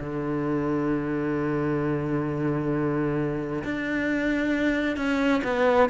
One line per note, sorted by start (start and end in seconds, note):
0.00 3.64 D3
3.64 4.97 D4
4.97 5.42 C#4
5.44 5.90 B3